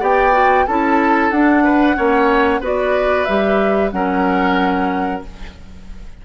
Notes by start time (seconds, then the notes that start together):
0.00 B3 G4 D5 G5
0.33 F#4
0.66 C#4 E4 A4 A5
1.31 D4 F#5
1.64 B4
1.96 A#3 C#4 C#5
2.61 B3 F#4 B4 D5
3.25 G3 G4 E5
3.92 F#3 C#4 A#4 F#5